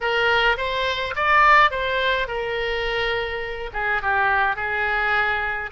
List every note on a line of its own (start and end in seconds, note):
0.01 0.57 A#4
0.57 1.14 C5
1.15 1.70 D5
1.70 2.27 C5
2.27 3.70 A#4
3.73 4.02 G#4
4.02 4.56 G4
4.56 5.70 G#4